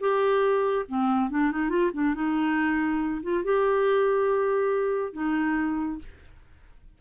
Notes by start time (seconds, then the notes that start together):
0.00 G4
0.88 C4
1.30 D4
1.51 D#4
1.69 F4
1.93 D4
2.14 D#4
3.23 F4
3.44 G4
5.13 D#4